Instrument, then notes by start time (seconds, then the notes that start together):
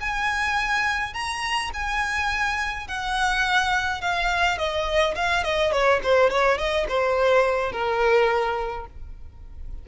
violin
0.00 G#5
1.14 A#5
1.74 G#5
2.88 F#5
4.01 F5
4.58 D#5
5.15 F5
5.44 D#5
5.72 C#5
6.03 C5
6.30 C#5
6.58 D#5
6.89 C5
7.72 A#4